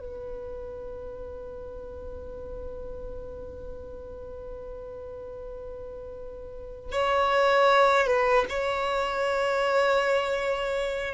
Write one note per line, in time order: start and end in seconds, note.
0.00 6.92 B4
6.92 8.07 C#5
8.07 8.45 B4
8.49 11.14 C#5